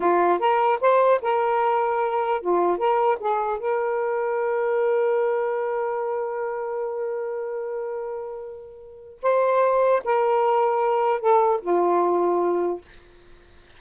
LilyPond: \new Staff \with { instrumentName = "saxophone" } { \time 4/4 \tempo 4 = 150 f'4 ais'4 c''4 ais'4~ | ais'2 f'4 ais'4 | gis'4 ais'2.~ | ais'1~ |
ais'1~ | ais'2. c''4~ | c''4 ais'2. | a'4 f'2. | }